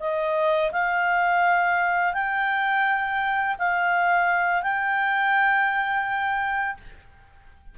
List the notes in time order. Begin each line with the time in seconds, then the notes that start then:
0.00 D#5
0.72 F5
2.13 G5
3.59 F5
4.63 G5